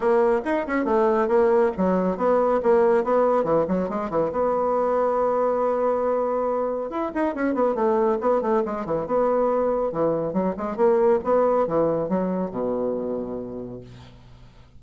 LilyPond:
\new Staff \with { instrumentName = "bassoon" } { \time 4/4 \tempo 4 = 139 ais4 dis'8 cis'8 a4 ais4 | fis4 b4 ais4 b4 | e8 fis8 gis8 e8 b2~ | b1 |
e'8 dis'8 cis'8 b8 a4 b8 a8 | gis8 e8 b2 e4 | fis8 gis8 ais4 b4 e4 | fis4 b,2. | }